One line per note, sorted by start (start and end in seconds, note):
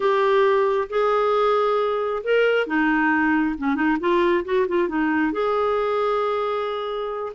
0.00 0.87 G4
0.89 2.22 G#4
2.23 2.66 A#4
2.66 3.55 D#4
3.57 3.75 C#4
3.75 3.97 D#4
3.99 4.44 F4
4.44 4.67 F#4
4.68 4.88 F4
4.88 5.32 D#4
5.32 7.32 G#4